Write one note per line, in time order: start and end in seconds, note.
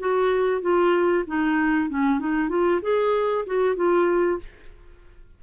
0.00 0.62 F#4
0.62 1.25 F4
1.28 1.90 D#4
1.90 2.20 C#4
2.20 2.49 D#4
2.49 2.81 F4
2.82 3.45 G#4
3.47 3.76 F#4
3.76 4.40 F4